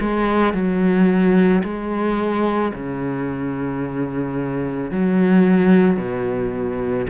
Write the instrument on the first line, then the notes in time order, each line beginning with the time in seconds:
cello
0.00 G#3
0.53 F#3
1.63 G#3
2.73 C#3
4.91 F#3
5.97 B2